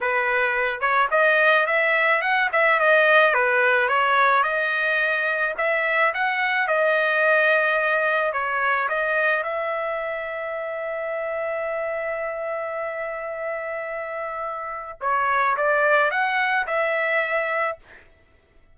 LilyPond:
\new Staff \with { instrumentName = "trumpet" } { \time 4/4 \tempo 4 = 108 b'4. cis''8 dis''4 e''4 | fis''8 e''8 dis''4 b'4 cis''4 | dis''2 e''4 fis''4 | dis''2. cis''4 |
dis''4 e''2.~ | e''1~ | e''2. cis''4 | d''4 fis''4 e''2 | }